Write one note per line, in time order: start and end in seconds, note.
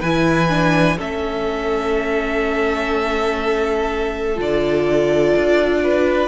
0.00 0.98 E3
0.00 0.49 E4
0.00 0.97 B4
0.00 0.98 G#5
0.49 0.98 D4
0.98 4.38 A3
0.98 4.36 C#4
0.98 5.81 A4
0.98 4.40 E5
4.36 5.35 D3
4.36 6.28 F4
4.36 6.28 D5
5.36 6.28 D4
5.84 6.28 B4